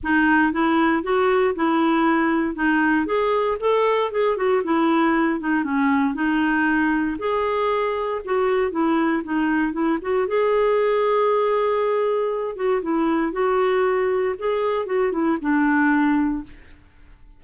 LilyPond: \new Staff \with { instrumentName = "clarinet" } { \time 4/4 \tempo 4 = 117 dis'4 e'4 fis'4 e'4~ | e'4 dis'4 gis'4 a'4 | gis'8 fis'8 e'4. dis'8 cis'4 | dis'2 gis'2 |
fis'4 e'4 dis'4 e'8 fis'8 | gis'1~ | gis'8 fis'8 e'4 fis'2 | gis'4 fis'8 e'8 d'2 | }